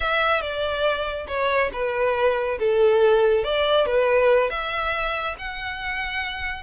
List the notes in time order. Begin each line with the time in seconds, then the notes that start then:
0.00 E5
0.41 D5
1.27 C#5
1.72 B4
2.59 A4
3.44 D5
3.86 B4
4.49 E5
5.38 F#5